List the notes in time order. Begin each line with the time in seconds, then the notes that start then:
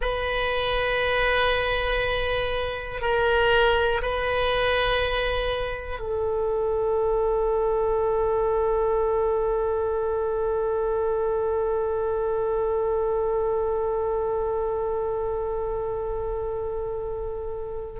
0.01 B4
3.00 A#4
4.02 B4
6.00 A4